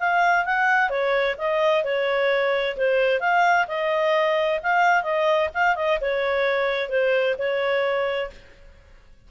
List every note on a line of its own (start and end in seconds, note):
0.00 0.46 F5
0.46 0.90 F#5
0.90 1.36 C#5
1.38 1.84 D#5
1.84 2.77 C#5
2.77 3.21 C5
3.21 3.67 F5
3.68 4.60 D#5
4.63 5.03 F5
5.03 5.50 D#5
5.54 5.76 F5
5.76 5.99 D#5
6.01 6.90 C#5
6.90 7.36 C5
7.39 8.31 C#5